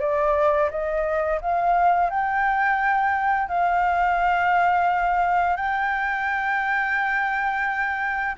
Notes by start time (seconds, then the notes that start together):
0.00 D5
0.70 D#5
1.41 F5
2.10 G5
3.48 F5
5.57 G5